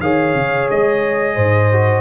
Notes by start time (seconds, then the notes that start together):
0.00 D#3 G#4 C#5 F5
0.34 C#3
0.70 G#3 D#5
1.35 G#2 C5
1.72 F#4